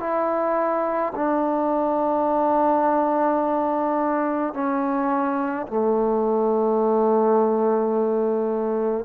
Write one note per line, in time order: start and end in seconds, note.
0.00 1.13 E4
1.15 4.54 D4
4.54 5.67 C#4
5.67 9.05 A3